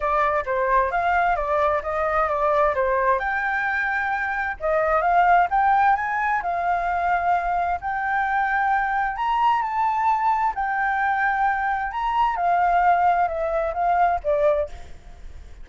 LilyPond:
\new Staff \with { instrumentName = "flute" } { \time 4/4 \tempo 4 = 131 d''4 c''4 f''4 d''4 | dis''4 d''4 c''4 g''4~ | g''2 dis''4 f''4 | g''4 gis''4 f''2~ |
f''4 g''2. | ais''4 a''2 g''4~ | g''2 ais''4 f''4~ | f''4 e''4 f''4 d''4 | }